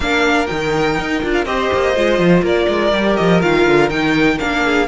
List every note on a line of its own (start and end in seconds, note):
0.00 0.47 A#3
0.00 0.47 D4
0.00 1.48 A#4
0.00 0.46 F5
0.46 0.98 D#3
0.46 1.20 D#4
0.46 1.32 G5
0.98 1.22 D#4
1.22 1.45 D4
1.22 1.46 F4
1.32 1.45 F5
1.45 1.69 C4
1.45 1.94 G4
1.45 2.43 C5
1.45 2.42 D#5
1.73 1.96 A#3
1.95 2.18 G#3
1.95 2.93 F4
2.18 2.42 F3
2.42 2.66 A#3
2.42 4.63 A#4
2.42 3.16 D5
2.68 2.92 G#3
2.92 3.16 G3
2.92 3.41 G4
3.16 3.43 F3
3.16 3.41 D#5
3.41 3.66 D#3
3.41 3.89 F4
3.41 3.89 F5
3.66 3.90 D3
3.89 4.38 D#3
3.89 4.38 D#4
3.89 4.38 G5
4.39 4.87 A#3
4.39 4.87 D4
4.39 4.87 F5
4.64 4.87 G#4